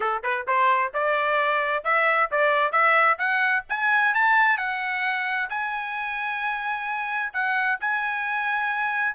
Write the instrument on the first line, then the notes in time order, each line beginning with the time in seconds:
trumpet
0.00 A4
0.23 B4
0.47 C5
0.93 D5
1.83 E5
2.31 D5
2.71 E5
3.18 F#5
3.69 G#5
4.14 A5
4.57 F#5
5.49 G#5
7.33 F#5
7.80 G#5